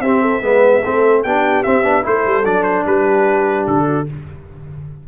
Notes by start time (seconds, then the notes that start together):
0.00 C4 G4 E5
0.21 A4
0.41 G#3 B3 B4
0.82 A3 C4 A4
1.23 B3 D4 G4 G5
1.63 C4 E5
1.83 B3 D4
2.03 A3 E4 A4 C5
2.26 G3
2.44 F#3 D4 D5
2.63 C5
2.86 G3 G4 B4
3.66 D3 A4
3.85 F#4